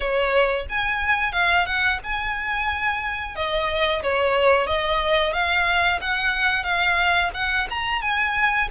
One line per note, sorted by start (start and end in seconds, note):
0.00 0.66 C#5
0.69 1.32 G#5
1.32 1.65 F5
1.65 1.99 F#5
2.03 3.35 G#5
3.35 4.02 D#5
4.02 4.67 C#5
4.67 5.33 D#5
5.33 5.99 F5
6.01 6.63 F#5
6.63 7.30 F5
7.34 7.67 F#5
7.69 8.01 A#5
8.01 8.68 G#5